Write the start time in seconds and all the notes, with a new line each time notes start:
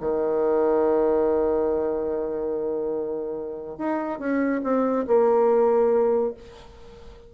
0.00 D#3
3.78 D#4
4.19 C#4
4.63 C4
5.07 A#3